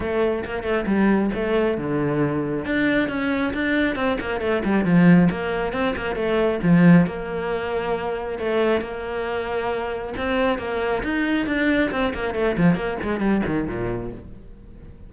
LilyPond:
\new Staff \with { instrumentName = "cello" } { \time 4/4 \tempo 4 = 136 a4 ais8 a8 g4 a4 | d2 d'4 cis'4 | d'4 c'8 ais8 a8 g8 f4 | ais4 c'8 ais8 a4 f4 |
ais2. a4 | ais2. c'4 | ais4 dis'4 d'4 c'8 ais8 | a8 f8 ais8 gis8 g8 dis8 ais,4 | }